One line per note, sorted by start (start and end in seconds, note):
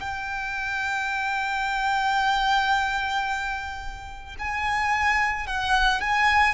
0.00 4.36 G5
4.39 5.47 G#5
5.47 6.01 F#5
6.01 6.55 G#5